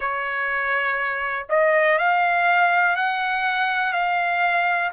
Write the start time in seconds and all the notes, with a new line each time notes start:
0.00 C#5
1.49 D#5
1.98 F5
2.96 F#5
3.93 F5